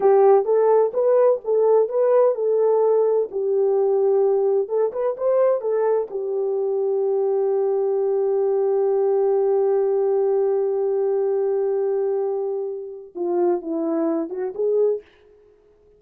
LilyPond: \new Staff \with { instrumentName = "horn" } { \time 4/4 \tempo 4 = 128 g'4 a'4 b'4 a'4 | b'4 a'2 g'4~ | g'2 a'8 b'8 c''4 | a'4 g'2.~ |
g'1~ | g'1~ | g'1 | f'4 e'4. fis'8 gis'4 | }